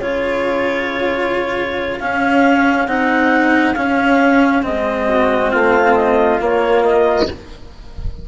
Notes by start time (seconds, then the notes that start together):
0.00 C#3 F4 G#4 C#5
2.00 C#4 F5
2.87 C4 D#4 F#5
3.74 C#4 F5
4.62 G#3 C4 D#5
5.09 F#4
5.52 A3 F4 F5
5.95 D#5
6.40 A#3 C#5
6.84 D#5